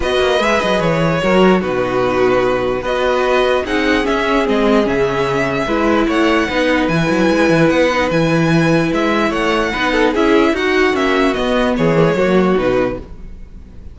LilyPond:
<<
  \new Staff \with { instrumentName = "violin" } { \time 4/4 \tempo 4 = 148 dis''4 e''8 dis''8 cis''2 | b'2. dis''4~ | dis''4 fis''4 e''4 dis''4 | e''2. fis''4~ |
fis''4 gis''2 fis''4 | gis''2 e''4 fis''4~ | fis''4 e''4 fis''4 e''4 | dis''4 cis''2 b'4 | }
  \new Staff \with { instrumentName = "violin" } { \time 4/4 b'2. ais'4 | fis'2. b'4~ | b'4 gis'2.~ | gis'2 b'4 cis''4 |
b'1~ | b'2. cis''4 | b'8 a'8 gis'4 fis'2~ | fis'4 gis'4 fis'2 | }
  \new Staff \with { instrumentName = "viola" } { \time 4/4 fis'4 gis'2 fis'4 | dis'2. fis'4~ | fis'4 dis'4 cis'4 c'4 | cis'2 e'2 |
dis'4 e'2~ e'8 dis'8 | e'1 | dis'4 e'4 fis'4 cis'4 | b4. ais16 gis16 ais4 dis'4 | }
  \new Staff \with { instrumentName = "cello" } { \time 4/4 b8 ais8 gis8 fis8 e4 fis4 | b,2. b4~ | b4 c'4 cis'4 gis4 | cis2 gis4 a4 |
b4 e8 fis8 gis8 e8 b4 | e2 gis4 a4 | b4 cis'4 dis'4 ais4 | b4 e4 fis4 b,4 | }
>>